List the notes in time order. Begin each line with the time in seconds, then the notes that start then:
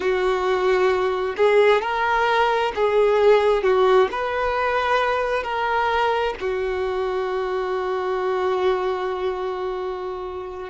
0.00 F#4
1.36 G#4
1.81 A#4
2.75 G#4
3.63 F#4
4.12 B4
5.43 A#4
6.40 F#4